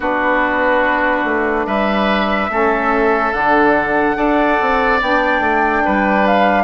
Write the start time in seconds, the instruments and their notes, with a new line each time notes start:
0.00 bassoon B3, saxophone D4, oboe F#4, flute B4
1.24 bassoon A3
1.66 bassoon G3, oboe B4, flute E5
2.49 bassoon A3, saxophone C#4, oboe A4
3.32 bassoon D3, saxophone D4, flute F#5
4.15 bassoon D4, saxophone A4, oboe D5
4.61 bassoon C4
5.01 bassoon B3, saxophone D4, flute G5
5.40 bassoon A3
5.84 bassoon G3, oboe B4
6.27 flute F5